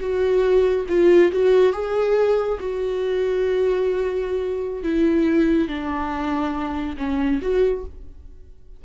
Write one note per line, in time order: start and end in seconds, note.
0.00 0.86 F#4
0.89 1.32 F4
1.32 1.73 F#4
1.73 2.59 G#4
2.59 4.83 F#4
4.83 5.68 E4
5.68 6.97 D4
6.97 7.40 C#4
7.42 7.84 F#4